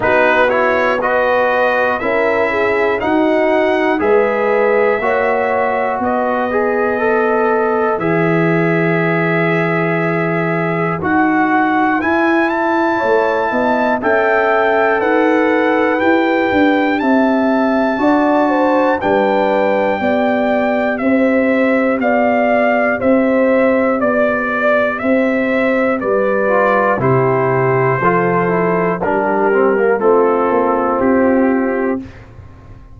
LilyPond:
<<
  \new Staff \with { instrumentName = "trumpet" } { \time 4/4 \tempo 4 = 60 b'8 cis''8 dis''4 e''4 fis''4 | e''2 dis''2 | e''2. fis''4 | gis''8 a''4. g''4 fis''4 |
g''4 a''2 g''4~ | g''4 e''4 f''4 e''4 | d''4 e''4 d''4 c''4~ | c''4 ais'4 a'4 g'4 | }
  \new Staff \with { instrumentName = "horn" } { \time 4/4 fis'4 b'4 ais'8 gis'8 fis'4 | b'4 cis''4 b'2~ | b'1~ | b'4 cis''8 dis''8 e''4 b'4~ |
b'4 e''4 d''8 c''8 b'4 | d''4 c''4 d''4 c''4 | d''4 c''4 b'4 g'4 | a'4 g'4 f'2 | }
  \new Staff \with { instrumentName = "trombone" } { \time 4/4 dis'8 e'8 fis'4 e'4 dis'4 | gis'4 fis'4. gis'8 a'4 | gis'2. fis'4 | e'2 a'2 |
g'2 fis'4 d'4 | g'1~ | g'2~ g'8 f'8 e'4 | f'8 e'8 d'8 c'16 ais16 c'2 | }
  \new Staff \with { instrumentName = "tuba" } { \time 4/4 b2 cis'4 dis'4 | gis4 ais4 b2 | e2. dis'4 | e'4 a8 b8 cis'4 dis'4 |
e'8 d'8 c'4 d'4 g4 | b4 c'4 b4 c'4 | b4 c'4 g4 c4 | f4 g4 a8 ais8 c'4 | }
>>